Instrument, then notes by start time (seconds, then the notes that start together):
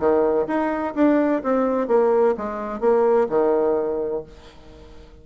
bassoon
0.00 D#3
0.47 D#4
0.95 D4
1.43 C4
1.88 A#3
2.38 G#3
2.81 A#3
3.29 D#3